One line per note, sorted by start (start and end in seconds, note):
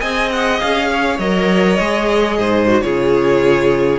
0.00 0.62 C4
0.00 1.21 G#4
0.00 0.90 D#5
0.00 0.30 G#5
0.32 0.60 F#5
0.60 1.19 C#4
0.60 1.19 F5
0.90 2.39 C#5
1.19 1.79 F#3
1.19 1.79 A#4
1.19 2.81 D#5
1.79 2.39 G#3
1.79 2.67 G#4
2.39 2.84 G#2
2.39 2.84 C5
2.67 2.82 F#4
2.81 4.00 C#3
2.81 4.00 F4
2.81 4.00 G#4
2.81 4.00 C#5